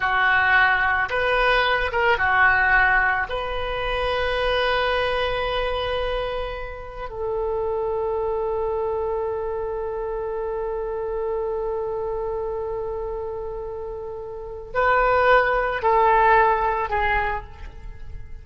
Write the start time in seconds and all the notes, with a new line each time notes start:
0.00 F#4
1.09 B4
1.91 A#4
2.18 F#4
3.29 B4
7.09 A4
14.73 B4
15.82 A4
16.89 G#4